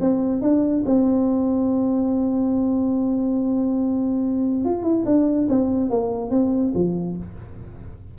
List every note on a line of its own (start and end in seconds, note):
0.00 0.41 C4
0.41 0.83 D4
0.85 4.65 C4
4.65 4.83 F4
4.83 5.04 E4
5.05 5.47 D4
5.49 5.90 C4
5.90 6.30 A#3
6.30 6.72 C4
6.74 7.16 F3